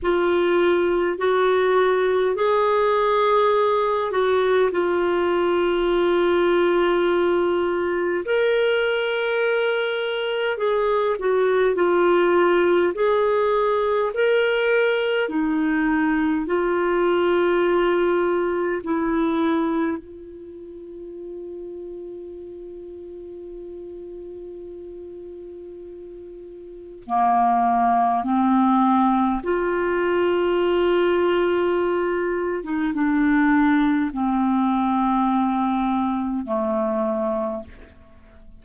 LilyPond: \new Staff \with { instrumentName = "clarinet" } { \time 4/4 \tempo 4 = 51 f'4 fis'4 gis'4. fis'8 | f'2. ais'4~ | ais'4 gis'8 fis'8 f'4 gis'4 | ais'4 dis'4 f'2 |
e'4 f'2.~ | f'2. ais4 | c'4 f'2~ f'8. dis'16 | d'4 c'2 a4 | }